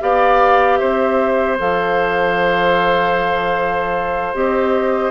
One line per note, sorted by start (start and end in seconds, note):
0.00 0.80 B3
0.00 1.58 G4
0.00 0.79 D5
0.00 0.77 F5
0.77 1.59 C4
0.77 5.11 C5
0.77 1.56 E5
1.58 4.34 F3
1.58 4.34 A4
1.58 4.35 F5
4.34 5.11 C4
4.34 5.11 G4
4.34 5.11 D#5